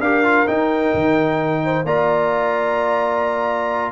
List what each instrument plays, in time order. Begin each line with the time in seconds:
0.00 tuba D4, trombone G4, horn A#4, trumpet F5
0.24 trombone F4
0.47 trombone D#4, tuba D#4, trumpet G5
0.94 tuba D#3
1.64 horn C5
1.84 tuba A#3, trombone F4, horn D5, trumpet A#5